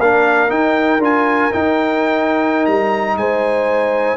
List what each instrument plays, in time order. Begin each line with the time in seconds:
0.00 tuba A#3, trombone D4, horn A#4, trumpet F5
0.49 trombone D#4, tuba D#4, trumpet G5
0.99 tuba D4, trombone F4, trumpet G#5
1.52 trombone D#4, tuba D#4, trumpet G5
2.66 tuba G3, trumpet A#5
3.17 tuba G#3, horn C5, trumpet G#5